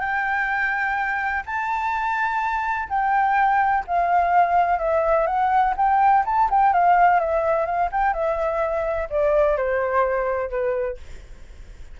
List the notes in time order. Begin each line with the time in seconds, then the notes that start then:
0.00 G5
1.45 A5
2.89 G5
3.87 F5
4.79 E5
5.26 F#5
5.76 G5
6.25 A5
6.50 G5
6.73 F5
7.19 E5
7.66 F5
7.92 G5
8.13 E5
9.09 D5
9.57 C5
10.49 B4